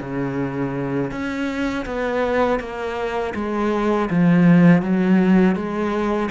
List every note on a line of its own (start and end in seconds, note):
0.00 1.11 C#3
1.11 1.85 C#4
1.85 2.59 B3
2.59 3.33 A#3
3.35 4.09 G#3
4.10 4.82 F3
4.82 5.55 F#3
5.55 6.29 G#3